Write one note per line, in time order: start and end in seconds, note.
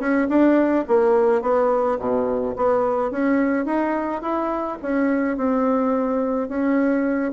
0.00 0.28 C#4
0.29 0.85 D4
0.88 1.42 A#3
1.42 1.98 B3
1.99 2.55 B2
2.56 3.11 B3
3.11 3.66 C#4
3.66 4.22 D#4
4.22 4.78 E4
4.82 5.37 C#4
5.37 6.49 C4
6.49 7.33 C#4